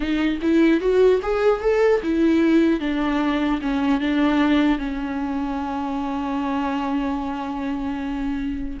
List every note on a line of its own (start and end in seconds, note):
0.00 0.39 D#4
0.41 0.80 E4
0.80 1.20 F#4
1.22 1.61 G#4
1.61 2.01 A4
2.02 2.79 E4
2.79 3.59 D4
3.61 4.00 C#4
4.00 4.78 D4
4.78 8.78 C#4